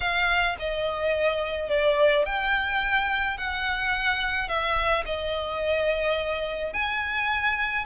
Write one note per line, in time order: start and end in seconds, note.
0.00 0.56 F5
0.59 1.69 D#5
1.69 2.25 D5
2.25 3.37 G5
3.37 4.48 F#5
4.48 5.04 E5
5.05 6.73 D#5
6.73 7.85 G#5